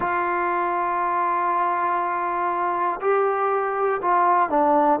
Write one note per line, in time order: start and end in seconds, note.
0.00 3.00 F4
3.00 4.00 G4
4.01 4.50 F4
4.50 5.00 D4